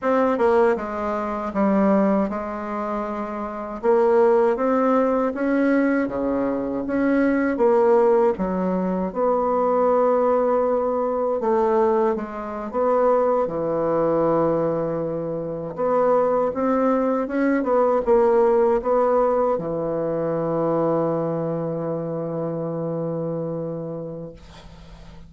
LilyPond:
\new Staff \with { instrumentName = "bassoon" } { \time 4/4 \tempo 4 = 79 c'8 ais8 gis4 g4 gis4~ | gis4 ais4 c'4 cis'4 | cis4 cis'4 ais4 fis4 | b2. a4 |
gis8. b4 e2~ e16~ | e8. b4 c'4 cis'8 b8 ais16~ | ais8. b4 e2~ e16~ | e1 | }